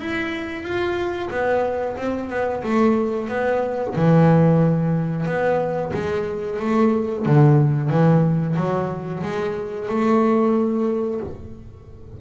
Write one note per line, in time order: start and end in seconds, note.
0.00 0.63 E4
0.63 1.29 F4
1.31 1.97 B3
1.97 2.30 C4
2.30 2.63 B3
2.63 3.29 A3
3.29 3.95 B3
3.96 5.27 E3
5.27 5.93 B3
5.94 6.60 G#3
6.60 7.26 A3
7.26 7.90 D3
7.90 8.56 E3
8.57 9.22 F#3
9.23 9.89 G#3
9.89 11.21 A3